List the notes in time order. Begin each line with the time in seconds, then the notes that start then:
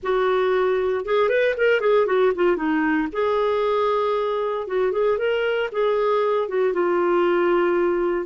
0.02 F#4
1.05 G#4
1.29 B4
1.57 A#4
1.80 G#4
2.06 F#4
2.35 F4
2.56 D#4
3.12 G#4
4.67 F#4
4.92 G#4
5.17 A#4
5.72 G#4
6.48 F#4
6.73 F4